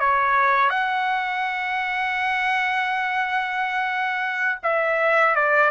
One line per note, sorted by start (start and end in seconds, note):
0.00 0.70 C#5
0.70 4.59 F#5
4.63 5.35 E5
5.35 5.71 D5